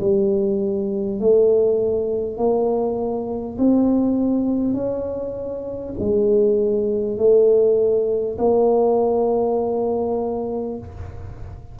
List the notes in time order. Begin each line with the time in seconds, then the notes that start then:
0.00 G3
1.20 A3
2.37 A#3
3.58 C4
4.74 C#4
5.99 G#3
7.17 A3
8.38 A#3